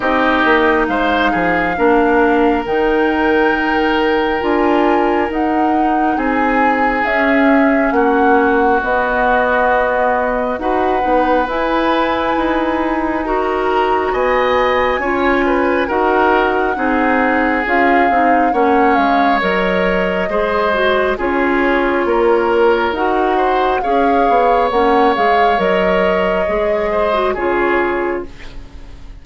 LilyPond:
<<
  \new Staff \with { instrumentName = "flute" } { \time 4/4 \tempo 4 = 68 dis''4 f''2 g''4~ | g''4 gis''4 fis''4 gis''4 | e''4 fis''4 dis''2 | fis''4 gis''2 ais''4 |
gis''2 fis''2 | f''4 fis''8 f''8 dis''2 | cis''2 fis''4 f''4 | fis''8 f''8 dis''2 cis''4 | }
  \new Staff \with { instrumentName = "oboe" } { \time 4/4 g'4 c''8 gis'8 ais'2~ | ais'2. gis'4~ | gis'4 fis'2. | b'2. ais'4 |
dis''4 cis''8 b'8 ais'4 gis'4~ | gis'4 cis''2 c''4 | gis'4 ais'4. c''8 cis''4~ | cis''2~ cis''8 c''8 gis'4 | }
  \new Staff \with { instrumentName = "clarinet" } { \time 4/4 dis'2 d'4 dis'4~ | dis'4 f'4 dis'2 | cis'2 b2 | fis'8 dis'8 e'2 fis'4~ |
fis'4 f'4 fis'4 dis'4 | f'8 dis'8 cis'4 ais'4 gis'8 fis'8 | f'2 fis'4 gis'4 | cis'8 gis'8 ais'4 gis'8. fis'16 f'4 | }
  \new Staff \with { instrumentName = "bassoon" } { \time 4/4 c'8 ais8 gis8 f8 ais4 dis4~ | dis4 d'4 dis'4 c'4 | cis'4 ais4 b2 | dis'8 b8 e'4 dis'2 |
b4 cis'4 dis'4 c'4 | cis'8 c'8 ais8 gis8 fis4 gis4 | cis'4 ais4 dis'4 cis'8 b8 | ais8 gis8 fis4 gis4 cis4 | }
>>